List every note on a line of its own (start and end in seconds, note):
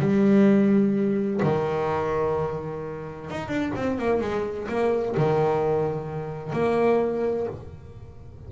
0.00 1.41 G3
1.43 3.30 D#3
3.30 3.48 D#4
3.48 3.72 D4
3.76 3.99 C4
3.99 4.21 A#3
4.21 4.68 G#3
4.69 5.15 A#3
5.17 6.53 D#3
6.53 7.47 A#3